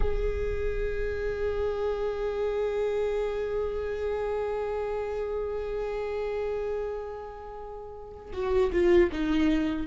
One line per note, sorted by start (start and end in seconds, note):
0.00 8.32 G#4
8.32 8.70 F#4
8.72 9.10 F4
9.12 9.87 D#4